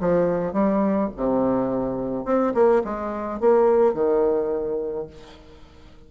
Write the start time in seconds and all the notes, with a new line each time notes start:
0.00 F3
0.53 G3
1.16 C3
2.25 C4
2.54 A#3
2.84 G#3
3.40 A#3
3.93 D#3